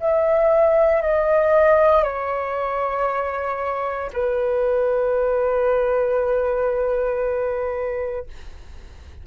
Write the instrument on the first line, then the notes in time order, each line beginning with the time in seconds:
flute
0.00 E5
1.02 D#5
2.04 C#5
4.13 B4